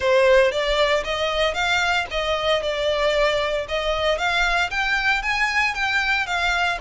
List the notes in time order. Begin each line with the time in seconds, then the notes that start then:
0.00 C5
0.51 D5
1.04 D#5
1.53 F5
2.10 D#5
2.62 D5
3.68 D#5
4.18 F5
4.70 G5
5.22 G#5
5.74 G5
6.26 F5